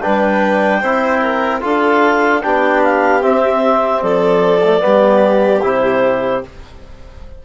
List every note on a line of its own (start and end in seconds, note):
0.00 0.82 G3
0.00 0.82 D4
0.00 0.80 B4
0.00 1.60 G5
0.80 1.62 C4
0.80 1.61 E4
0.80 1.20 C5
1.21 1.61 A#4
1.61 2.43 D4
1.61 2.41 F4
1.61 2.43 A4
1.61 2.41 F5
2.41 3.24 B3
2.41 3.21 D4
2.41 4.02 G4
2.41 2.81 G5
2.83 3.22 F5
3.21 4.61 C4
3.21 4.02 C4
3.21 4.02 E5
4.02 4.82 F3
4.02 4.82 A4
4.02 5.62 D5
4.63 4.79 A3
4.79 5.63 G3
4.79 5.60 B3
4.79 6.45 G4
5.62 6.43 C3
5.62 6.43 E4
5.62 6.44 C5